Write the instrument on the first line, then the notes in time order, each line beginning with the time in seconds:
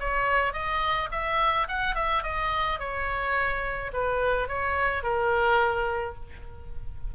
oboe
0.00 C#5
0.53 D#5
1.12 E5
1.68 F#5
1.95 E5
2.24 D#5
2.80 C#5
3.93 B4
4.48 C#5
5.03 A#4